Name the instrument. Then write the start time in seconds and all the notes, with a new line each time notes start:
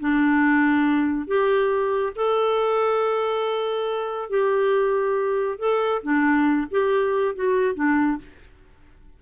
clarinet
0.00 D4
1.27 G4
2.16 A4
4.29 G4
5.59 A4
6.03 D4
6.71 G4
7.35 F#4
7.75 D4